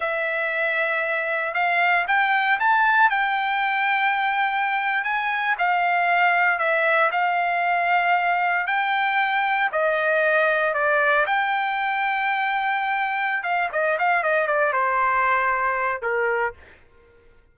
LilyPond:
\new Staff \with { instrumentName = "trumpet" } { \time 4/4 \tempo 4 = 116 e''2. f''4 | g''4 a''4 g''2~ | g''4.~ g''16 gis''4 f''4~ f''16~ | f''8. e''4 f''2~ f''16~ |
f''8. g''2 dis''4~ dis''16~ | dis''8. d''4 g''2~ g''16~ | g''2 f''8 dis''8 f''8 dis''8 | d''8 c''2~ c''8 ais'4 | }